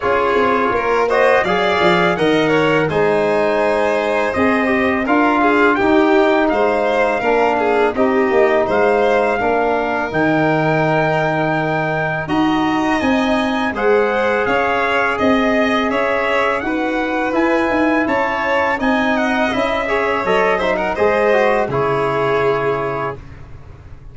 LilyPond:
<<
  \new Staff \with { instrumentName = "trumpet" } { \time 4/4 \tempo 4 = 83 cis''4. dis''8 f''4 fis''4 | gis''2 dis''4 f''4 | g''4 f''2 dis''4 | f''2 g''2~ |
g''4 ais''4 gis''4 fis''4 | f''4 dis''4 e''4 fis''4 | gis''4 a''4 gis''8 fis''8 e''4 | dis''8 e''16 fis''16 dis''4 cis''2 | }
  \new Staff \with { instrumentName = "violin" } { \time 4/4 gis'4 ais'8 c''8 d''4 dis''8 cis''8 | c''2. ais'8 gis'8 | g'4 c''4 ais'8 gis'8 g'4 | c''4 ais'2.~ |
ais'4 dis''2 c''4 | cis''4 dis''4 cis''4 b'4~ | b'4 cis''4 dis''4. cis''8~ | cis''8 c''16 ais'16 c''4 gis'2 | }
  \new Staff \with { instrumentName = "trombone" } { \time 4/4 f'4. fis'8 gis'4 ais'4 | dis'2 gis'8 g'8 f'4 | dis'2 d'4 dis'4~ | dis'4 d'4 dis'2~ |
dis'4 fis'4 dis'4 gis'4~ | gis'2. fis'4 | e'2 dis'4 e'8 gis'8 | a'8 dis'8 gis'8 fis'8 e'2 | }
  \new Staff \with { instrumentName = "tuba" } { \time 4/4 cis'8 c'8 ais4 fis8 f8 dis4 | gis2 c'4 d'4 | dis'4 gis4 ais4 c'8 ais8 | gis4 ais4 dis2~ |
dis4 dis'4 c'4 gis4 | cis'4 c'4 cis'4 dis'4 | e'8 dis'8 cis'4 c'4 cis'4 | fis4 gis4 cis2 | }
>>